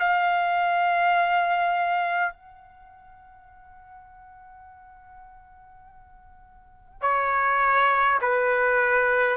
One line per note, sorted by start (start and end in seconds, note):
0.00 2.33 F5
2.33 7.02 F#5
7.02 8.19 C#5
8.22 9.37 B4